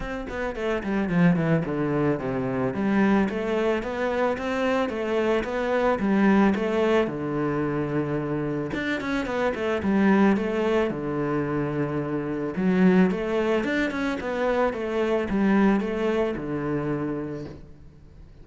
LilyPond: \new Staff \with { instrumentName = "cello" } { \time 4/4 \tempo 4 = 110 c'8 b8 a8 g8 f8 e8 d4 | c4 g4 a4 b4 | c'4 a4 b4 g4 | a4 d2. |
d'8 cis'8 b8 a8 g4 a4 | d2. fis4 | a4 d'8 cis'8 b4 a4 | g4 a4 d2 | }